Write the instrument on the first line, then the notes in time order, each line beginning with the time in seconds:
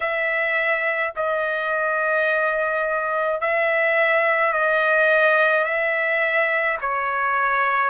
trumpet
0.00 E5
1.16 D#5
3.41 E5
4.53 D#5
5.64 E5
6.81 C#5